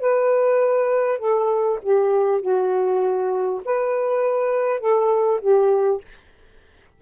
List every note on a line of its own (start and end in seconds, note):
0.00 1.19 B4
1.19 1.79 A4
1.83 2.42 G4
2.42 3.62 F#4
3.65 4.81 B4
4.81 5.41 A4
5.41 6.01 G4